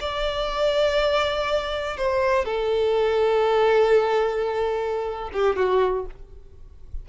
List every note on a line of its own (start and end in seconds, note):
0.00 1.97 D5
1.97 2.45 C5
2.45 5.30 A4
5.33 5.56 G4
5.56 6.05 F#4